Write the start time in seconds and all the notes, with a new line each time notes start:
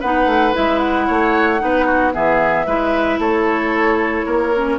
0.00 B3 D#4 B4 F#5
0.26 A3
0.53 G#3 E4 E5
0.79 F#5
1.07 A3 C#5
1.60 B3 D#4 B4
1.86 F#4
2.13 E3 B3 G#4 E5
2.66 G#3 E4 B4
3.19 A3 A4 C#5
4.26 A#3 A#4
4.56 C#4